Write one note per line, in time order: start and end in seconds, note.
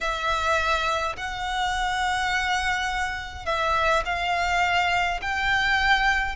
0.00 1.16 E5
1.16 3.45 F#5
3.45 4.03 E5
4.05 5.20 F5
5.21 6.35 G5